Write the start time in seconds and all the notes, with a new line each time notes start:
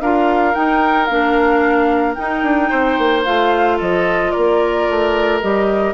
0.00 D4 F4 A#4 F5
0.54 D#4 G5
1.05 A#3 D4 F5
2.14 D#4 G5
2.42 D4
2.69 C4 C5
2.98 A#3
3.24 A3 F4 F5
3.77 F3 A4 D#5
4.31 A#3 A#4 D5
4.88 A3
5.40 G3 G4 D#5